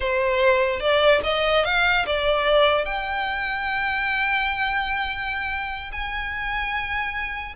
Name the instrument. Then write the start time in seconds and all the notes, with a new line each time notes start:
violin
0.00 C5
0.79 D5
1.23 D#5
1.64 F5
2.06 D5
2.85 G5
5.91 G#5